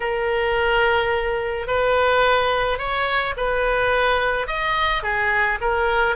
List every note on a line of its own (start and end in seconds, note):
0.00 1.67 A#4
1.67 2.78 B4
2.78 3.34 C#5
3.36 4.47 B4
4.47 5.02 D#5
5.02 5.58 G#4
5.60 6.16 A#4